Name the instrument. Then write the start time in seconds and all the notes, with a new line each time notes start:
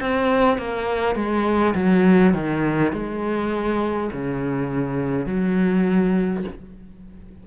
cello
0.00 C4
0.58 A#3
1.16 G#3
1.75 F#3
2.34 D#3
2.93 G#3
4.12 C#3
5.26 F#3